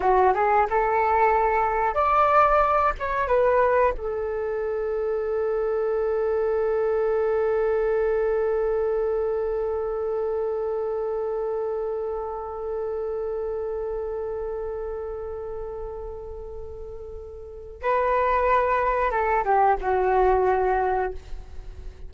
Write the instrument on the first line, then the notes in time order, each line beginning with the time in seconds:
flute
0.00 F#4
0.34 G#4
0.70 A4
1.94 D5
2.99 C#5
3.27 B4
3.97 A4
17.81 B4
19.10 A4
19.44 G4
19.80 F#4